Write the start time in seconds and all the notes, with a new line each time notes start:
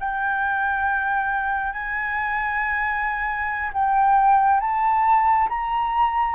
0.00 G5
1.73 G#5
3.74 G5
4.60 A5
5.49 A#5